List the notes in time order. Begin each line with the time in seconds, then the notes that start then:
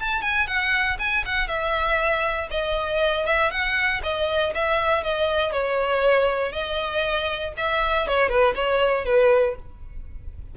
0.00 A5
0.22 G#5
0.47 F#5
0.99 G#5
1.26 F#5
1.48 E5
2.51 D#5
3.27 E5
3.51 F#5
4.03 D#5
4.55 E5
5.04 D#5
5.52 C#5
6.52 D#5
7.57 E5
8.07 C#5
8.29 B4
8.55 C#5
9.05 B4